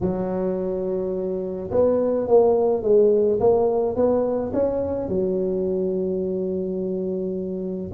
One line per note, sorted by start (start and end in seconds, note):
0.00 1.70 F#3
1.71 2.27 B3
2.27 2.83 A#3
2.83 3.39 G#3
3.40 3.95 A#3
3.95 4.52 B3
4.53 5.08 C#4
5.08 7.91 F#3